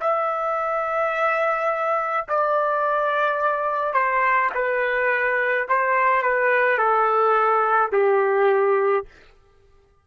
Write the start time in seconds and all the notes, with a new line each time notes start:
0.00 E5
2.28 D5
3.93 C5
4.54 B4
5.68 C5
6.22 B4
6.78 A4
7.91 G4